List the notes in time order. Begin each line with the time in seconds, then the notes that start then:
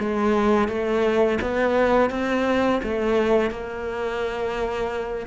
0.00 G#3
0.68 A3
1.42 B3
2.11 C4
2.83 A3
3.51 A#3